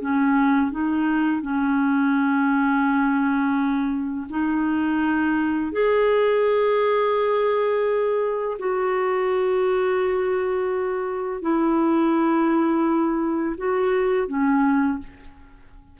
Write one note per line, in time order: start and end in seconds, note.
0.00 0.71 C#4
0.71 1.41 D#4
1.41 4.27 C#4
4.29 5.71 D#4
5.71 8.57 G#4
8.58 11.41 F#4
11.41 13.56 E4
13.57 14.27 F#4
14.27 14.98 C#4